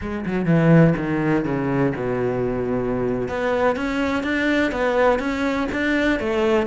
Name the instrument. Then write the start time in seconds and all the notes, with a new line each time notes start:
cello
0.01 G#3
0.26 F#3
0.45 E3
0.96 D#3
1.45 C#3
1.95 B2
3.28 B3
3.76 C#4
4.23 D4
4.71 B3
5.19 C#4
5.72 D4
6.19 A3